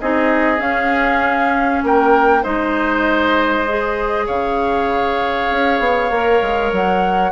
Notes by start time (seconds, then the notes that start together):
0.00 C4 D#4 G#4 D#5
0.58 C#4 F5
1.83 A#3 A#4 G5
2.42 G#3 D#4 C5 D#5
3.68 G#4
4.26 C#3 C#5 F5
5.50 C#4
5.79 B3
6.10 A#3 A#4
6.41 G#3
6.72 F#3 F#5